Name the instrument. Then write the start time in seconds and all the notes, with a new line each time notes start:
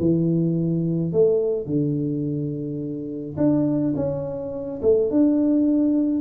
tuba
0.00 E3
1.13 A3
1.67 D3
3.38 D4
3.96 C#4
4.83 A3
5.11 D4